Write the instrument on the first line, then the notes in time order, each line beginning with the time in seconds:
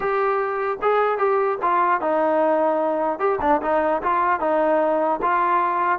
trombone
0.00 G4
0.81 G#4
1.18 G4
1.61 F4
2.00 D#4
3.19 G4
3.41 D4
3.61 D#4
4.02 F4
4.39 D#4
5.22 F4